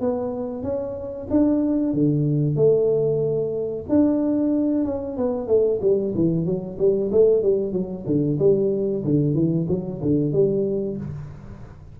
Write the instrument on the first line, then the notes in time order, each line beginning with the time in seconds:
tuba
0.00 B3
0.62 C#4
1.30 D4
1.93 D3
2.56 A3
3.89 D4
4.84 C#4
5.17 B3
5.47 A3
5.81 G3
6.15 E3
6.45 F#3
6.78 G3
7.12 A3
7.42 G3
7.72 F#3
8.06 D3
8.39 G3
9.04 D3
9.34 E3
9.68 F#3
10.02 D3
10.32 G3